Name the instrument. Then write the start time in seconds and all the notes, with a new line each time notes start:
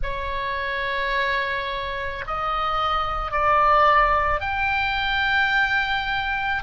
oboe
0.03 C#5
2.26 D#5
3.31 D5
4.40 G5